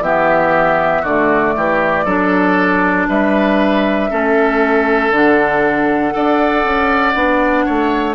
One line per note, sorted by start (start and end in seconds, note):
0.00 1.02 E3
0.00 1.06 B3
0.00 1.02 G4
0.00 1.04 E5
1.02 1.54 D3
1.02 2.06 A3
1.02 1.53 F#4
1.02 3.08 D5
1.56 2.05 E3
1.56 2.04 G4
2.04 3.07 F#3
2.04 4.10 D4
2.04 3.06 A4
3.08 4.10 G3
3.08 4.10 B4
3.08 5.12 E5
4.10 5.10 A3
4.10 5.12 C#4
4.10 6.13 A4
5.10 6.12 D3
5.10 6.11 D4
5.10 8.14 F#5
6.11 6.64 D4
6.11 7.12 A4
6.11 7.65 D5
6.64 7.14 C#4
7.14 7.65 B3
7.14 8.14 D4
7.65 8.14 A3
7.65 8.14 C#5